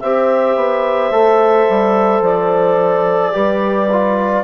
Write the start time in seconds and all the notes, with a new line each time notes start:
0.00 C4 G4 C5 E5
0.56 B3
1.11 A3 A4
1.69 G3
2.21 F3 D5
3.32 G3 G4 B4
3.92 F4